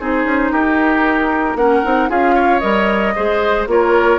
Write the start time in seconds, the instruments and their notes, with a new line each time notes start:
0.00 bassoon C4, clarinet D#4, oboe G#4, flute C5
0.24 bassoon C#4
0.52 bassoon D#4, oboe G4, flute A#4
1.55 bassoon A#3, clarinet C#4, oboe A#4, flute F#5
1.84 bassoon C4, clarinet D#4
2.09 bassoon C#4, clarinet F4, oboe G#4, flute F5
2.35 oboe C#5
2.60 bassoon G3, clarinet A#4, flute D#5
3.16 bassoon G#3, clarinet G#4, oboe C5
3.67 bassoon A#3, clarinet F4, oboe A#4, flute C#5